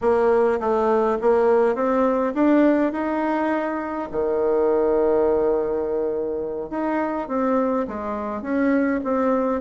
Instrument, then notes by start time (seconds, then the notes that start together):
bassoon
0.01 A#3
0.60 A3
1.21 A#3
1.75 C4
2.34 D4
2.92 D#4
4.11 D#3
6.70 D#4
7.28 C4
7.87 G#3
8.42 C#4
9.04 C4